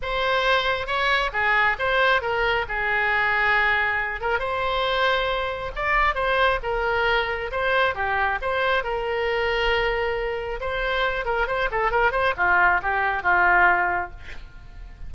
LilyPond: \new Staff \with { instrumentName = "oboe" } { \time 4/4 \tempo 4 = 136 c''2 cis''4 gis'4 | c''4 ais'4 gis'2~ | gis'4. ais'8 c''2~ | c''4 d''4 c''4 ais'4~ |
ais'4 c''4 g'4 c''4 | ais'1 | c''4. ais'8 c''8 a'8 ais'8 c''8 | f'4 g'4 f'2 | }